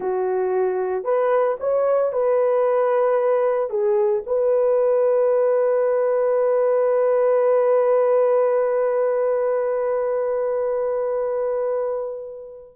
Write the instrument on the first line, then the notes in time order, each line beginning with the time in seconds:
horn
0.00 F#4
1.04 B4
1.60 C#5
2.12 B4
3.70 G#4
4.26 B4